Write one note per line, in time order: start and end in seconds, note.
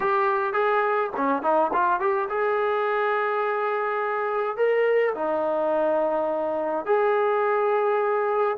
0.00 0.53 G4
0.53 1.10 G#4
1.16 1.42 C#4
1.42 1.71 D#4
1.73 1.99 F4
1.99 2.28 G4
2.29 4.57 G#4
4.57 5.14 A#4
5.15 6.85 D#4
6.85 8.57 G#4